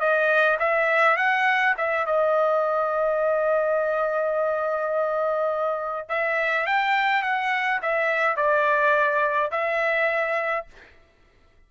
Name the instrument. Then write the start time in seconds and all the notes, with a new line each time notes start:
trumpet
0.00 D#5
0.59 E5
1.17 F#5
1.77 E5
2.06 D#5
6.09 E5
6.67 G5
7.22 F#5
7.82 E5
8.37 D5
9.51 E5